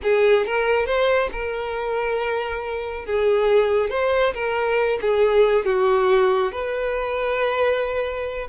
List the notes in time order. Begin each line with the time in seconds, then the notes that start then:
0.02 G#4
0.46 A#4
0.86 C5
1.32 A#4
3.05 G#4
3.90 C5
4.33 A#4
5.01 G#4
5.65 F#4
6.52 B4